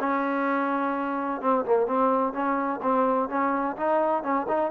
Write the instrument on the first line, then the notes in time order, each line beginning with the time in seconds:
trombone
0.00 C#4
1.42 C4
1.66 A#3
1.87 C4
2.33 C#4
2.83 C4
3.30 C#4
3.77 D#4
4.23 C#4
4.49 D#4